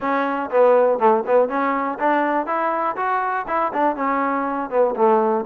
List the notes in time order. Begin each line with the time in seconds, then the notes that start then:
0.00 C#4
0.50 B3
0.98 A3
1.26 B3
1.49 C#4
1.99 D4
2.46 E4
2.96 F#4
3.47 E4
3.73 D4
3.96 C#4
4.69 B3
4.95 A3